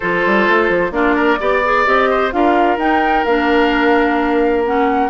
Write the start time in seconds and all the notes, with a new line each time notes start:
0.00 F3 F4 A4 C5
0.26 G3
0.48 A3
0.69 F3
0.91 A#3 D4 F4 D5
1.15 A#4
1.39 B3 G4 D5
1.64 G#4
1.85 C4 G4 D#5
2.10 C5
2.31 D4 F4 A#4 F5
2.77 D#4 G5
3.25 A#3 D4 F5
4.65 C#4 F#5